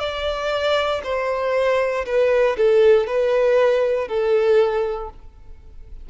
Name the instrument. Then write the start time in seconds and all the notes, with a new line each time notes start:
violin
0.00 D5
1.04 C5
2.06 B4
2.57 A4
3.07 B4
4.08 A4